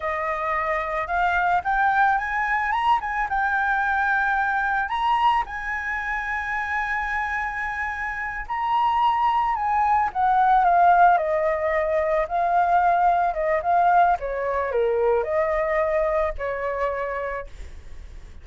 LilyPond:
\new Staff \with { instrumentName = "flute" } { \time 4/4 \tempo 4 = 110 dis''2 f''4 g''4 | gis''4 ais''8 gis''8 g''2~ | g''4 ais''4 gis''2~ | gis''2.~ gis''8 ais''8~ |
ais''4. gis''4 fis''4 f''8~ | f''8 dis''2 f''4.~ | f''8 dis''8 f''4 cis''4 ais'4 | dis''2 cis''2 | }